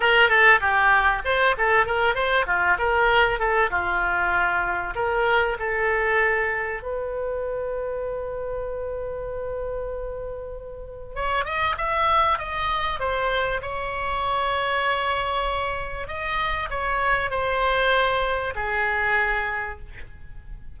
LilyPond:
\new Staff \with { instrumentName = "oboe" } { \time 4/4 \tempo 4 = 97 ais'8 a'8 g'4 c''8 a'8 ais'8 c''8 | f'8 ais'4 a'8 f'2 | ais'4 a'2 b'4~ | b'1~ |
b'2 cis''8 dis''8 e''4 | dis''4 c''4 cis''2~ | cis''2 dis''4 cis''4 | c''2 gis'2 | }